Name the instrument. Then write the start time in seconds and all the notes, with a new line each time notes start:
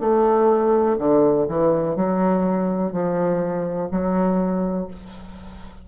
bassoon
0.00 A3
0.98 D3
1.48 E3
1.96 F#3
2.92 F3
3.91 F#3